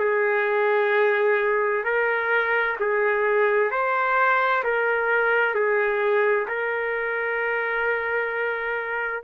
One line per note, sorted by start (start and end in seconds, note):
0.00 1.85 G#4
1.85 2.77 A#4
2.80 3.71 G#4
3.71 4.64 C5
4.64 5.55 A#4
5.55 6.47 G#4
6.48 9.24 A#4